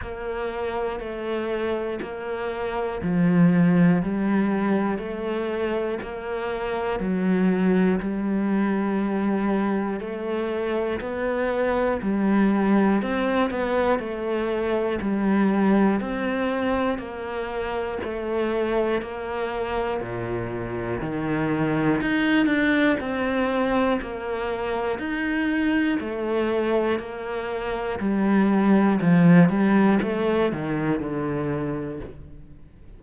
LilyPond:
\new Staff \with { instrumentName = "cello" } { \time 4/4 \tempo 4 = 60 ais4 a4 ais4 f4 | g4 a4 ais4 fis4 | g2 a4 b4 | g4 c'8 b8 a4 g4 |
c'4 ais4 a4 ais4 | ais,4 dis4 dis'8 d'8 c'4 | ais4 dis'4 a4 ais4 | g4 f8 g8 a8 dis8 d4 | }